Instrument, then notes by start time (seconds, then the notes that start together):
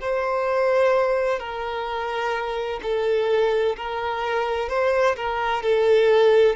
violin
0.00 C5
1.39 A#4
2.83 A4
3.76 A#4
4.69 C5
5.16 A#4
5.62 A4